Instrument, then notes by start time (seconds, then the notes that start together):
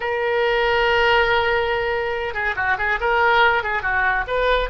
oboe
0.00 A#4
2.33 G#4
2.55 F#4
2.78 G#4
3.00 A#4
3.63 G#4
3.82 F#4
4.27 B4